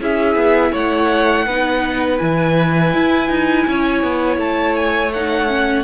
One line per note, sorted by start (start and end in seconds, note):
0.00 0.35 C#4
0.00 1.46 E4
0.00 0.71 G#4
0.00 0.75 E5
0.35 0.72 B3
0.71 1.46 A3
0.71 1.45 C#5
0.71 2.18 F#5
1.46 2.19 B3
1.46 2.18 D#4
1.46 3.66 B4
2.18 2.93 E3
2.18 5.11 E4
2.18 4.37 G#5
2.93 3.29 E4
3.29 3.66 D#4
3.66 4.02 C#4
3.66 5.84 C#5
4.02 4.37 B3
4.37 5.83 A3
4.37 4.76 A5
4.76 5.12 G#5
5.13 5.47 D#4
5.13 5.84 F#5
5.47 5.84 C#4